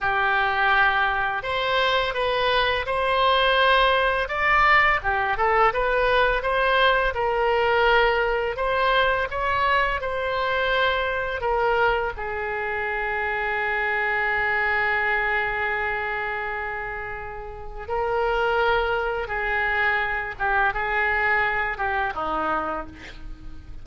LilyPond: \new Staff \with { instrumentName = "oboe" } { \time 4/4 \tempo 4 = 84 g'2 c''4 b'4 | c''2 d''4 g'8 a'8 | b'4 c''4 ais'2 | c''4 cis''4 c''2 |
ais'4 gis'2.~ | gis'1~ | gis'4 ais'2 gis'4~ | gis'8 g'8 gis'4. g'8 dis'4 | }